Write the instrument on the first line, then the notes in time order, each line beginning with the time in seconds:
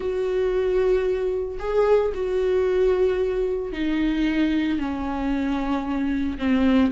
viola
0.00 F#4
1.59 G#4
2.14 F#4
3.72 D#4
4.78 C#4
6.38 C4